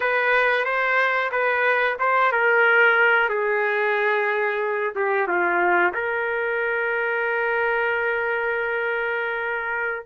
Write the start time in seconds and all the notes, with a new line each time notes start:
0.00 B4
0.64 C5
1.31 B4
1.99 C5
2.31 A#4
3.29 G#4
4.95 G4
5.27 F4
5.94 A#4